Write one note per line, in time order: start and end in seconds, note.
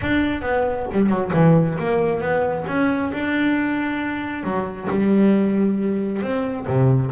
0.01 0.41 D4
0.41 0.86 B3
0.92 1.09 G3
1.09 1.31 F#3
1.33 1.77 E3
1.78 2.21 A#3
2.21 2.65 B3
2.67 3.12 C#4
3.12 4.43 D4
4.43 4.88 F#3
4.89 6.22 G3
6.22 6.66 C4
6.67 7.11 C3